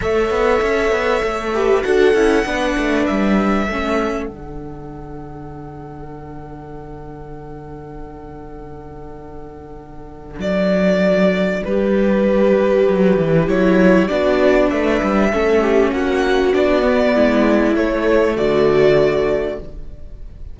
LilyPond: <<
  \new Staff \with { instrumentName = "violin" } { \time 4/4 \tempo 4 = 98 e''2. fis''4~ | fis''4 e''2 fis''4~ | fis''1~ | fis''1~ |
fis''4 d''2 b'4~ | b'2 cis''4 d''4 | e''2 fis''4 d''4~ | d''4 cis''4 d''2 | }
  \new Staff \with { instrumentName = "viola" } { \time 4/4 cis''2~ cis''8 b'8 a'4 | b'2 a'2~ | a'1~ | a'1~ |
a'2. g'4~ | g'2. fis'4 | b'4 a'8 g'8 fis'2 | e'2 fis'2 | }
  \new Staff \with { instrumentName = "viola" } { \time 4/4 a'2~ a'8 g'8 fis'8 e'8 | d'2 cis'4 d'4~ | d'1~ | d'1~ |
d'1~ | d'2 e'4 d'4~ | d'4 cis'2 d'8 b8~ | b4 a2. | }
  \new Staff \with { instrumentName = "cello" } { \time 4/4 a8 b8 cis'8 b8 a4 d'8 cis'8 | b8 a8 g4 a4 d4~ | d1~ | d1~ |
d4 fis2 g4~ | g4 fis8 e8 fis4 b4 | a8 g8 a4 ais4 b4 | gis4 a4 d2 | }
>>